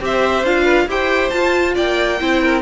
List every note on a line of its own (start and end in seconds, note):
0.00 0.43 C4
0.00 0.44 G4
0.00 0.63 C5
0.00 0.46 E5
0.43 0.87 D4
0.43 0.88 F4
0.43 0.89 F5
0.63 0.85 B4
0.87 1.31 E4
0.87 1.31 G4
0.87 1.75 C5
0.87 1.30 G5
1.30 2.18 F4
1.30 1.77 F4
1.30 1.73 A5
1.75 2.21 A#3
1.75 2.18 D5
1.75 2.62 G5
2.19 2.62 C4
2.19 2.62 E4
2.19 2.43 C5
2.43 2.62 A#4